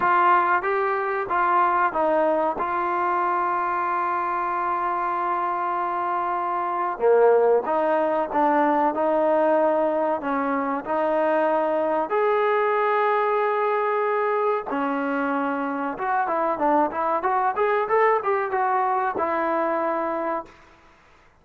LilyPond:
\new Staff \with { instrumentName = "trombone" } { \time 4/4 \tempo 4 = 94 f'4 g'4 f'4 dis'4 | f'1~ | f'2. ais4 | dis'4 d'4 dis'2 |
cis'4 dis'2 gis'4~ | gis'2. cis'4~ | cis'4 fis'8 e'8 d'8 e'8 fis'8 gis'8 | a'8 g'8 fis'4 e'2 | }